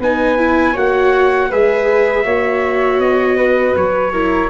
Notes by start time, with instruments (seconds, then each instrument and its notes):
0.00 tuba B3, viola D#4, flute B4, trumpet G#5
0.38 viola E4
0.74 tuba A#3, viola F#4, flute C#5, trumpet F#5
1.50 tuba G#3, viola G#4, flute B4, trumpet E5
2.24 tuba A#3, viola F#4, flute C#5
2.99 tuba B3, trumpet D#5
3.37 flute B4
3.76 tuba F#3, trumpet C#5
4.13 viola E4, flute A#4